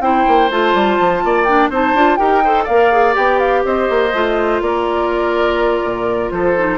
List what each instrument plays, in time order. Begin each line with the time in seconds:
0.00 bassoon C4, clarinet E4, oboe C5, flute G5
0.28 bassoon A#3
0.51 bassoon A3, clarinet F4, flute A5
0.74 bassoon G3
1.00 bassoon F3
1.24 bassoon A#3, oboe D5
1.45 clarinet D4, flute G5
1.69 bassoon C4, clarinet D#4, oboe C5, flute A5
1.94 bassoon D4, clarinet F4
2.16 bassoon D#4, clarinet G4, oboe A#4, flute G5
2.44 clarinet A4, oboe C5
2.64 bassoon A#3, oboe D5, flute F5
2.71 clarinet A#4
2.92 clarinet G#4
3.14 bassoon B3, clarinet G4, flute G5
3.40 flute F5
3.65 bassoon C4, oboe C5, flute D#5
3.90 bassoon A#3
4.13 bassoon A3, clarinet F4
4.61 bassoon A#3, oboe A#4, flute D5
5.85 bassoon A#2
6.31 bassoon F3, oboe A4, flute C5
6.57 clarinet D#4